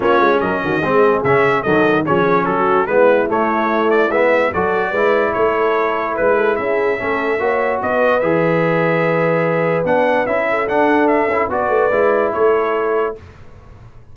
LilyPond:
<<
  \new Staff \with { instrumentName = "trumpet" } { \time 4/4 \tempo 4 = 146 cis''4 dis''2 e''4 | dis''4 cis''4 a'4 b'4 | cis''4. d''8 e''4 d''4~ | d''4 cis''2 b'4 |
e''2. dis''4 | e''1 | fis''4 e''4 fis''4 e''4 | d''2 cis''2 | }
  \new Staff \with { instrumentName = "horn" } { \time 4/4 f'4 ais'8 fis'8 gis'2 | a'4 gis'4 fis'4 e'4~ | e'2. a'4 | b'4 a'2 b'8 a'8 |
gis'4 a'4 cis''4 b'4~ | b'1~ | b'4. a'2~ a'8 | b'2 a'2 | }
  \new Staff \with { instrumentName = "trombone" } { \time 4/4 cis'2 c'4 cis'4 | fis4 cis'2 b4 | a2 b4 fis'4 | e'1~ |
e'4 cis'4 fis'2 | gis'1 | d'4 e'4 d'4. e'8 | fis'4 e'2. | }
  \new Staff \with { instrumentName = "tuba" } { \time 4/4 ais8 gis8 fis8 dis8 gis4 cis4 | dis4 f4 fis4 gis4 | a2 gis4 fis4 | gis4 a2 gis4 |
cis'4 a4 ais4 b4 | e1 | b4 cis'4 d'4. cis'8 | b8 a8 gis4 a2 | }
>>